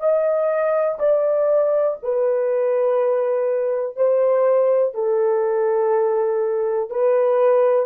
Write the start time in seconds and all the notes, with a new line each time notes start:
0.00 D#5
0.99 D5
2.03 B4
3.96 C5
4.94 A4
6.90 B4